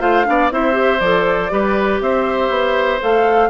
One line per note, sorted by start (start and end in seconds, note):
0.00 0.26 A3
0.00 0.25 F4
0.00 0.26 C5
0.00 0.51 F5
0.25 0.51 B3
0.25 0.50 D4
0.25 0.53 D5
0.51 1.00 C4
0.51 0.72 E4
0.51 1.52 C5
0.51 1.00 E5
0.72 0.97 G4
1.00 1.50 F3
1.00 1.50 A4
1.00 2.00 D5
1.50 2.01 G3
1.50 3.00 G4
1.50 2.02 B4
2.01 2.50 C4
2.01 3.50 C5
2.01 3.01 E5
2.50 3.00 B3
3.00 3.50 A3
3.00 3.50 A4
3.00 3.50 F5